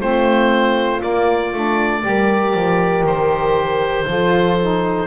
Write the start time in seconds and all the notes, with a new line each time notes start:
0.00 A3 C4 F4 C5
1.00 A#3 D5
1.54 A3 D4
2.03 G3 G4 A#4
2.54 F3
3.04 D#3 C5
4.06 F3 F4 A4
4.61 D#4